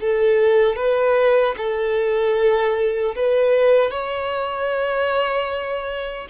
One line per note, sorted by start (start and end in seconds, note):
0.00 0.75 A4
0.75 1.54 B4
1.57 3.15 A4
3.15 3.90 B4
3.90 6.27 C#5